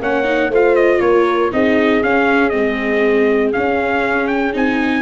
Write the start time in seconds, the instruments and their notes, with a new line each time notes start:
0.00 tuba A#3, viola C#4, horn C#5, trumpet F#5
0.24 viola D#4
0.49 tuba A3, viola F4, horn C5, trumpet F5
0.75 trumpet D#5
1.00 tuba A#3, horn A#4, trumpet C#5
1.51 tuba C4, viola D#4, horn G#4, trumpet D#5
2.03 tuba C#4, viola C#4, trumpet F5
2.50 tuba G#3, viola C4, trumpet D#5
3.53 viola C#4, tuba C#4, trumpet F5
4.27 trumpet G5
4.53 tuba C4, viola D#4, trumpet G#5